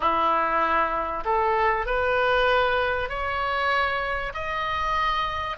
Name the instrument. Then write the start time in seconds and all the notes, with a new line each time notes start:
oboe
0.00 E4
1.24 A4
1.86 B4
3.09 C#5
4.34 D#5